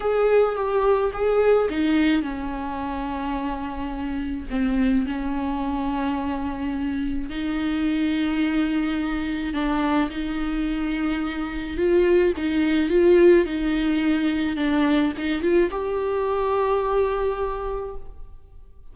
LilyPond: \new Staff \with { instrumentName = "viola" } { \time 4/4 \tempo 4 = 107 gis'4 g'4 gis'4 dis'4 | cis'1 | c'4 cis'2.~ | cis'4 dis'2.~ |
dis'4 d'4 dis'2~ | dis'4 f'4 dis'4 f'4 | dis'2 d'4 dis'8 f'8 | g'1 | }